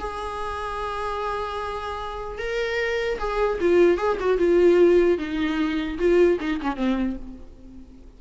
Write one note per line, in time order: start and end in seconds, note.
0.00 2.39 G#4
2.39 3.19 A#4
3.19 3.59 G#4
3.61 3.98 F4
3.98 4.18 G#4
4.21 4.38 F#4
4.38 5.18 F4
5.19 5.99 D#4
5.99 6.39 F4
6.41 6.61 D#4
6.62 6.77 C#4
6.77 7.17 C4